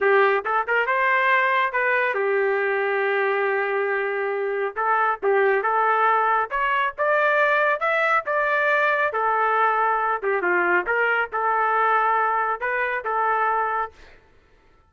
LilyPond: \new Staff \with { instrumentName = "trumpet" } { \time 4/4 \tempo 4 = 138 g'4 a'8 ais'8 c''2 | b'4 g'2.~ | g'2. a'4 | g'4 a'2 cis''4 |
d''2 e''4 d''4~ | d''4 a'2~ a'8 g'8 | f'4 ais'4 a'2~ | a'4 b'4 a'2 | }